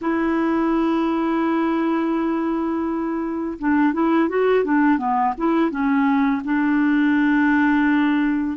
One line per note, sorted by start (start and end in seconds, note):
0.01 3.58 E4
3.58 3.93 D4
3.93 4.29 E4
4.29 4.64 F#4
4.64 4.98 D4
4.98 5.33 B3
5.37 5.70 E4
5.70 6.42 C#4
6.44 8.57 D4